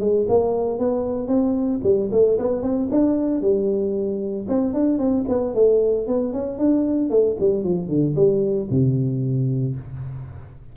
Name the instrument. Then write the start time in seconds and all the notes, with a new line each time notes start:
tuba
0.00 G#3
0.28 A#3
0.79 B3
1.28 C4
1.83 G3
2.11 A3
2.39 B3
2.62 C4
2.91 D4
3.41 G3
4.48 C4
4.74 D4
4.98 C4
5.28 B3
5.55 A3
6.07 B3
6.33 C#4
6.58 D4
7.10 A3
7.40 G3
7.64 F3
7.88 D3
8.16 G3
8.70 C3